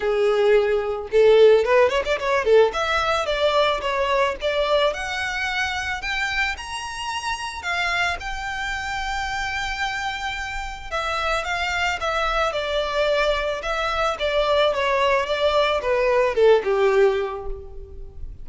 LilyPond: \new Staff \with { instrumentName = "violin" } { \time 4/4 \tempo 4 = 110 gis'2 a'4 b'8 cis''16 d''16 | cis''8 a'8 e''4 d''4 cis''4 | d''4 fis''2 g''4 | ais''2 f''4 g''4~ |
g''1 | e''4 f''4 e''4 d''4~ | d''4 e''4 d''4 cis''4 | d''4 b'4 a'8 g'4. | }